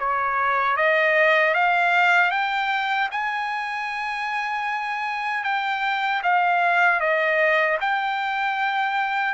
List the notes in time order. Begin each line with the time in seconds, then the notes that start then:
0.00 C#5
0.77 D#5
1.55 F5
2.31 G5
3.12 G#5
5.44 G5
6.23 F5
7.01 D#5
7.81 G5